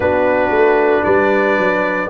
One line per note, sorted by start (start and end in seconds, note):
0.00 0.50 B3
0.00 2.09 D4
0.00 1.04 F#4
0.00 1.04 B4
0.50 1.02 A3
1.04 1.58 G3
1.04 2.09 B4
1.04 2.09 D5
1.58 2.09 F#3